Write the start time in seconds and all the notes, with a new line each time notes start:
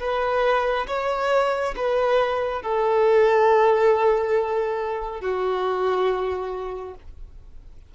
0.00 B4
0.87 C#5
1.76 B4
2.62 A4
5.21 F#4